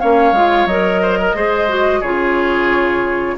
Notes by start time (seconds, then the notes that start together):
0.00 A#3 C#4 C#5 F5
0.33 G#3 F4
0.66 F#3 A#4 D#5
1.02 C5
1.19 A#4
1.35 G#3 G#4 C5
1.69 F#4
2.01 C#3 F4 G#4 C#5